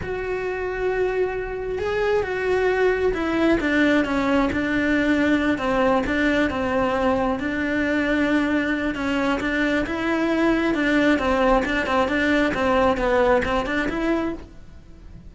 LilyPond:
\new Staff \with { instrumentName = "cello" } { \time 4/4 \tempo 4 = 134 fis'1 | gis'4 fis'2 e'4 | d'4 cis'4 d'2~ | d'8 c'4 d'4 c'4.~ |
c'8 d'2.~ d'8 | cis'4 d'4 e'2 | d'4 c'4 d'8 c'8 d'4 | c'4 b4 c'8 d'8 e'4 | }